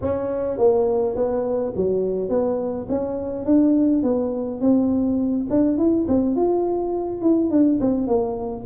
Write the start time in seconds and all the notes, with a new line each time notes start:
0.01 C#4
0.58 A#3
1.15 B3
1.75 F#3
2.29 B3
2.89 C#4
3.45 D4
4.03 B3
4.60 C4
5.50 D4
5.77 E4
6.08 C4
6.35 F4
7.21 E4
7.50 D4
7.80 C4
8.07 A#3